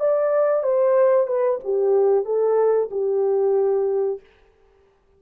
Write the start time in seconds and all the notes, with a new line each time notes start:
0.00 D5
0.64 C5
1.27 B4
1.64 G4
2.25 A4
2.91 G4